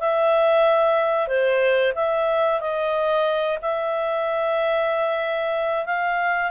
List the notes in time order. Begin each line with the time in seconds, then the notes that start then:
0.00 E5
1.27 C5
1.95 E5
2.60 D#5
3.61 E5
5.85 F5